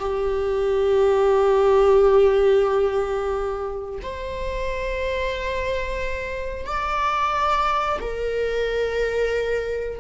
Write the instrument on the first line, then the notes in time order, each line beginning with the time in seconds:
viola
0.00 G4
4.03 C5
6.66 D5
8.01 A#4